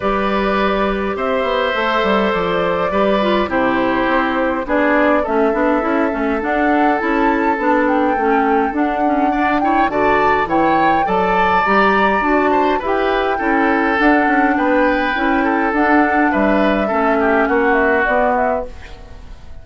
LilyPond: <<
  \new Staff \with { instrumentName = "flute" } { \time 4/4 \tempo 4 = 103 d''2 e''2 | d''2 c''2 | d''4 e''2 fis''4 | a''4. g''4. fis''4~ |
fis''8 g''8 a''4 g''4 a''4 | ais''4 a''4 g''2 | fis''4 g''2 fis''4 | e''2 fis''8 e''8 d''8 e''8 | }
  \new Staff \with { instrumentName = "oboe" } { \time 4/4 b'2 c''2~ | c''4 b'4 g'2 | gis'4 a'2.~ | a'1 |
d''8 cis''8 d''4 cis''4 d''4~ | d''4. c''8 b'4 a'4~ | a'4 b'4. a'4. | b'4 a'8 g'8 fis'2 | }
  \new Staff \with { instrumentName = "clarinet" } { \time 4/4 g'2. a'4~ | a'4 g'8 f'8 e'2 | d'4 cis'8 d'8 e'8 cis'8 d'4 | e'4 d'4 cis'4 d'8 cis'8 |
d'8 e'8 fis'4 e'4 a'4 | g'4 fis'4 g'4 e'4 | d'2 e'4 d'4~ | d'4 cis'2 b4 | }
  \new Staff \with { instrumentName = "bassoon" } { \time 4/4 g2 c'8 b8 a8 g8 | f4 g4 c4 c'4 | b4 a8 b8 cis'8 a8 d'4 | cis'4 b4 a4 d'4~ |
d'4 d4 e4 fis4 | g4 d'4 e'4 cis'4 | d'8 cis'8 b4 cis'4 d'4 | g4 a4 ais4 b4 | }
>>